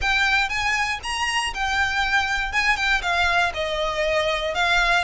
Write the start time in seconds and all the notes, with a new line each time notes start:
0.01 G5
0.49 G#5
1.03 A#5
1.54 G5
2.52 G#5
2.76 G5
3.02 F5
3.53 D#5
4.54 F5